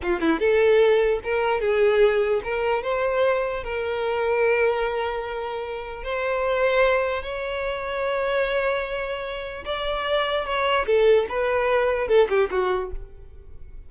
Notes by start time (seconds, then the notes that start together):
0.02 F4
0.20 E4
0.39 A4
1.23 A#4
1.60 G#4
2.43 A#4
2.82 C5
3.63 A#4
6.03 C5
7.22 C#5
9.64 D5
10.45 C#5
10.86 A4
11.29 B4
12.07 A4
12.29 G4
12.51 F#4